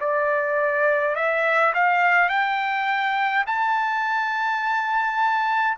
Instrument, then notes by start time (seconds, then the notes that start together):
trumpet
0.00 D5
1.15 E5
1.74 F5
2.29 G5
3.46 A5